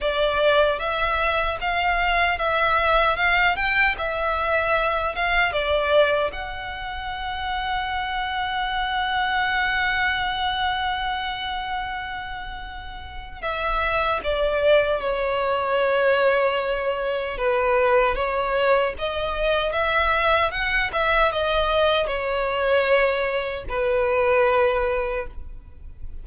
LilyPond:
\new Staff \with { instrumentName = "violin" } { \time 4/4 \tempo 4 = 76 d''4 e''4 f''4 e''4 | f''8 g''8 e''4. f''8 d''4 | fis''1~ | fis''1~ |
fis''4 e''4 d''4 cis''4~ | cis''2 b'4 cis''4 | dis''4 e''4 fis''8 e''8 dis''4 | cis''2 b'2 | }